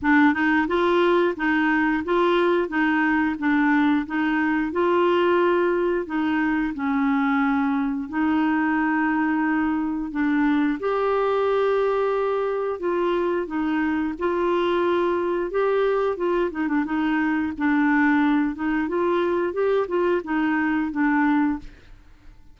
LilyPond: \new Staff \with { instrumentName = "clarinet" } { \time 4/4 \tempo 4 = 89 d'8 dis'8 f'4 dis'4 f'4 | dis'4 d'4 dis'4 f'4~ | f'4 dis'4 cis'2 | dis'2. d'4 |
g'2. f'4 | dis'4 f'2 g'4 | f'8 dis'16 d'16 dis'4 d'4. dis'8 | f'4 g'8 f'8 dis'4 d'4 | }